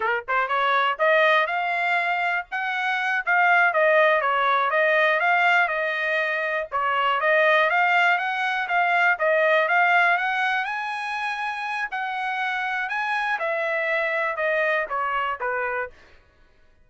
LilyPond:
\new Staff \with { instrumentName = "trumpet" } { \time 4/4 \tempo 4 = 121 ais'8 c''8 cis''4 dis''4 f''4~ | f''4 fis''4. f''4 dis''8~ | dis''8 cis''4 dis''4 f''4 dis''8~ | dis''4. cis''4 dis''4 f''8~ |
f''8 fis''4 f''4 dis''4 f''8~ | f''8 fis''4 gis''2~ gis''8 | fis''2 gis''4 e''4~ | e''4 dis''4 cis''4 b'4 | }